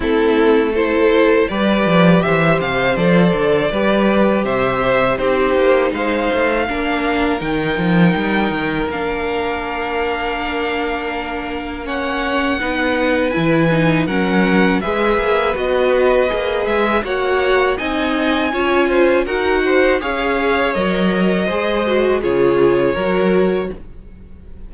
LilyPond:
<<
  \new Staff \with { instrumentName = "violin" } { \time 4/4 \tempo 4 = 81 a'4 c''4 d''4 e''8 f''8 | d''2 e''4 c''4 | f''2 g''2 | f''1 |
fis''2 gis''4 fis''4 | e''4 dis''4. e''8 fis''4 | gis''2 fis''4 f''4 | dis''2 cis''2 | }
  \new Staff \with { instrumentName = "violin" } { \time 4/4 e'4 a'4 b'4 c''4~ | c''4 b'4 c''4 g'4 | c''4 ais'2.~ | ais'1 |
cis''4 b'2 ais'4 | b'2. cis''4 | dis''4 cis''8 c''8 ais'8 c''8 cis''4~ | cis''4 c''4 gis'4 ais'4 | }
  \new Staff \with { instrumentName = "viola" } { \time 4/4 c'4 e'4 g'2 | a'4 g'2 dis'4~ | dis'4 d'4 dis'2 | d'1 |
cis'4 dis'4 e'8 dis'8 cis'4 | gis'4 fis'4 gis'4 fis'4 | dis'4 f'4 fis'4 gis'4 | ais'4 gis'8 fis'8 f'4 fis'4 | }
  \new Staff \with { instrumentName = "cello" } { \time 4/4 a2 g8 f8 e8 c8 | f8 d8 g4 c4 c'8 ais8 | gis8 a8 ais4 dis8 f8 g8 dis8 | ais1~ |
ais4 b4 e4 fis4 | gis8 ais8 b4 ais8 gis8 ais4 | c'4 cis'4 dis'4 cis'4 | fis4 gis4 cis4 fis4 | }
>>